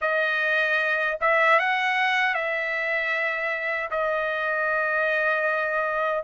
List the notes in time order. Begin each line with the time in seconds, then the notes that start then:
0.01 D#5
1.20 E5
1.59 F#5
2.34 E5
3.90 D#5